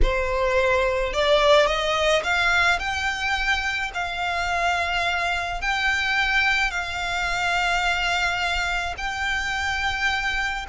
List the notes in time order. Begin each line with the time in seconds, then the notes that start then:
0.02 C5
1.13 D5
1.66 D#5
2.23 F5
2.79 G5
3.94 F5
5.61 G5
6.70 F5
8.97 G5